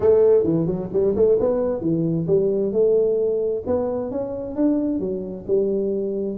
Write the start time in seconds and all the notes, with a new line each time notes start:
0.00 A3
0.43 E3
0.66 F#3
0.92 G3
1.15 A3
1.39 B3
1.81 E3
2.27 G3
2.72 A3
3.66 B3
4.11 C#4
4.55 D4
4.99 F#3
5.47 G3